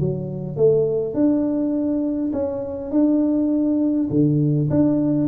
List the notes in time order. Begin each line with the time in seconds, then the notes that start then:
0.00 F#3
0.57 A3
1.14 D4
2.33 C#4
2.91 D4
4.10 D3
4.71 D4